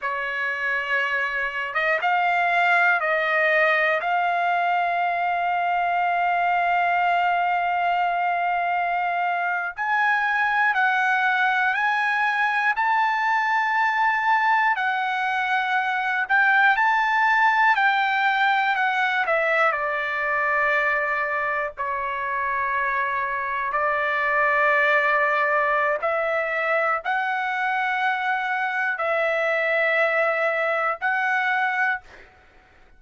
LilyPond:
\new Staff \with { instrumentName = "trumpet" } { \time 4/4 \tempo 4 = 60 cis''4.~ cis''16 dis''16 f''4 dis''4 | f''1~ | f''4.~ f''16 gis''4 fis''4 gis''16~ | gis''8. a''2 fis''4~ fis''16~ |
fis''16 g''8 a''4 g''4 fis''8 e''8 d''16~ | d''4.~ d''16 cis''2 d''16~ | d''2 e''4 fis''4~ | fis''4 e''2 fis''4 | }